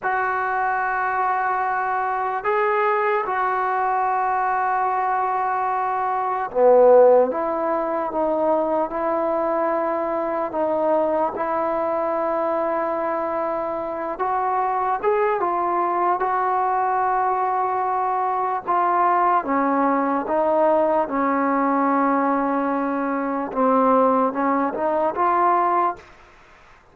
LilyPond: \new Staff \with { instrumentName = "trombone" } { \time 4/4 \tempo 4 = 74 fis'2. gis'4 | fis'1 | b4 e'4 dis'4 e'4~ | e'4 dis'4 e'2~ |
e'4. fis'4 gis'8 f'4 | fis'2. f'4 | cis'4 dis'4 cis'2~ | cis'4 c'4 cis'8 dis'8 f'4 | }